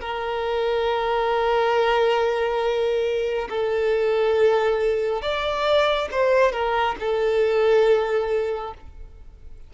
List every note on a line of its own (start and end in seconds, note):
0.00 3.48 A#4
3.49 5.21 A4
5.21 6.08 D5
6.11 6.52 C5
6.52 6.95 A#4
7.00 8.74 A4